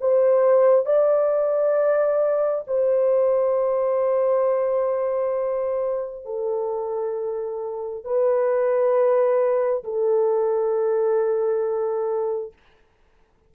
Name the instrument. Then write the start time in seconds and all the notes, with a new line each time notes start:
horn
0.00 C5
0.85 D5
2.67 C5
6.25 A4
8.04 B4
9.84 A4